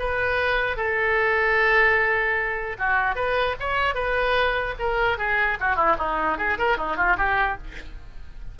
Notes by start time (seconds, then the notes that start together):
0.00 B4
0.77 A4
2.79 F#4
3.16 B4
3.60 C#5
3.95 B4
4.79 A#4
5.18 G#4
5.61 F#4
5.76 E4
5.99 D#4
6.38 G#4
6.59 A#4
6.78 D#4
6.97 F4
7.18 G4